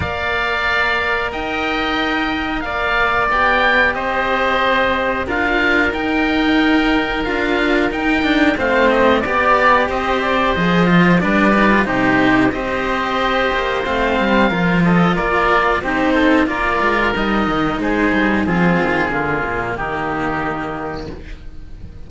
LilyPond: <<
  \new Staff \with { instrumentName = "oboe" } { \time 4/4 \tempo 4 = 91 f''2 g''2 | f''4 g''4 dis''2 | f''4 g''2 f''4 | g''4 f''8 dis''8 d''4 dis''8 d''8 |
dis''4 d''4 c''4 dis''4~ | dis''4 f''4. dis''8 d''4 | c''4 d''4 dis''4 c''4 | gis'2 g'2 | }
  \new Staff \with { instrumentName = "oboe" } { \time 4/4 d''2 dis''2 | d''2 c''2 | ais'1~ | ais'4 c''4 d''4 c''4~ |
c''4 b'4 g'4 c''4~ | c''2 ais'8 a'8 ais'4 | g'8 a'8 ais'2 gis'4 | c'4 f'4 dis'2 | }
  \new Staff \with { instrumentName = "cello" } { \time 4/4 ais'1~ | ais'4 g'2. | f'4 dis'2 f'4 | dis'8 d'8 c'4 g'2 |
gis'8 f'8 d'8 dis'16 f'16 dis'4 g'4~ | g'4 c'4 f'2 | dis'4 f'4 dis'2 | f'4 ais2. | }
  \new Staff \with { instrumentName = "cello" } { \time 4/4 ais2 dis'2 | ais4 b4 c'2 | d'4 dis'2 d'4 | dis'4 a4 b4 c'4 |
f4 g4 c4 c'4~ | c'8 ais8 a8 g8 f4 ais4 | c'4 ais8 gis8 g8 dis8 gis8 g8 | f8 dis8 d8 ais,8 dis2 | }
>>